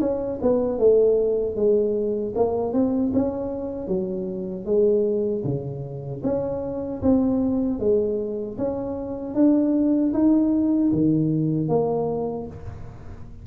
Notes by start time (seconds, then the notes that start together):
0.00 C#4
0.41 B3
0.79 A3
1.55 G#3
2.35 A#3
2.73 C4
3.13 C#4
3.87 F#3
4.65 G#3
5.44 C#3
6.23 C#4
7.02 C4
7.79 G#3
8.57 C#4
9.34 D4
10.13 D#4
10.92 D#3
11.68 A#3